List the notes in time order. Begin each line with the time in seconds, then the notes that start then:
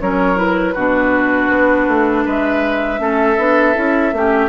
0.00 F#3 C#4 A#4 C#5
0.37 E4 B4
0.74 B2 D4 F#4
1.50 B3
1.88 A3
2.25 G#3 B4 E5
2.99 A3 C#4 A4
3.38 B3 D4
3.75 C#4 E4
4.13 A3 C#4 G4